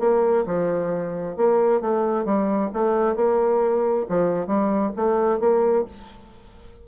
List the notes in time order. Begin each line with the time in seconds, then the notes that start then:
0.00 A#3
0.47 F3
1.37 A#3
1.82 A3
2.26 G3
2.74 A3
3.16 A#3
4.09 F3
4.47 G3
4.97 A3
5.40 A#3